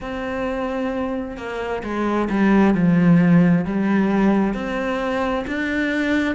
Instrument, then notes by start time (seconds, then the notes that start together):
cello
0.00 C4
1.37 A#3
1.83 G#3
2.29 G3
2.74 F3
3.65 G3
4.54 C4
5.47 D4